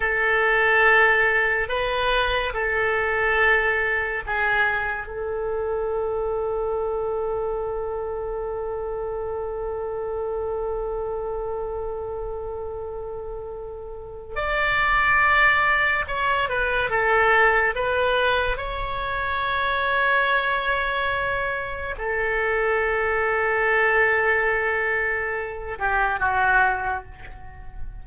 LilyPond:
\new Staff \with { instrumentName = "oboe" } { \time 4/4 \tempo 4 = 71 a'2 b'4 a'4~ | a'4 gis'4 a'2~ | a'1~ | a'1~ |
a'4 d''2 cis''8 b'8 | a'4 b'4 cis''2~ | cis''2 a'2~ | a'2~ a'8 g'8 fis'4 | }